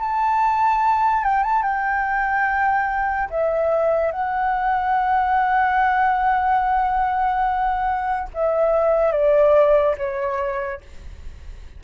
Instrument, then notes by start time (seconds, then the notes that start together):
flute
0.00 A5
1.23 G5
1.43 A5
1.62 G5
3.30 E5
4.12 F#5
8.34 E5
9.12 D5
9.98 C#5